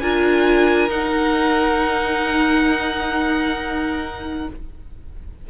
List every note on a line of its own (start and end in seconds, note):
0.00 0.88 D4
0.00 0.89 F4
0.00 4.50 A#4
0.00 0.90 G#5
0.88 4.47 D#4
0.88 4.49 F#5